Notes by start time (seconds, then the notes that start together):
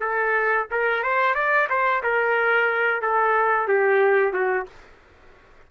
0.00 A4
0.71 A#4
1.03 C5
1.34 D5
1.69 C5
2.03 A#4
3.02 A4
3.68 G4
4.33 F#4